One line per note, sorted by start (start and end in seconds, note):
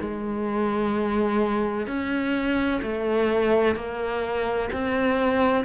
0.00 1.87 G#3
1.87 2.80 C#4
2.82 3.75 A3
3.75 4.69 A#3
4.72 5.64 C4